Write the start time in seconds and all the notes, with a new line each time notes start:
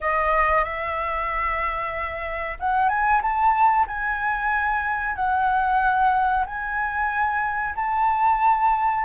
0.00 D#5
0.64 E5
2.59 F#5
2.89 G#5
3.21 A5
3.87 G#5
5.15 F#5
6.46 G#5
7.75 A5